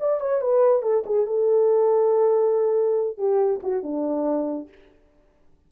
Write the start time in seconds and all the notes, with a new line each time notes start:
0.00 D5
0.20 C#5
0.41 B4
0.82 A4
1.06 G#4
1.26 A4
3.18 G4
3.63 F#4
3.83 D4